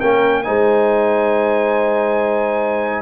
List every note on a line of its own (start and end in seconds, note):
0.00 0.47 A#3
0.00 0.44 C#4
0.00 0.43 A#4
0.00 0.43 G5
0.43 3.02 G#3
0.43 3.02 D#4
0.43 3.02 C5
0.43 3.02 G#5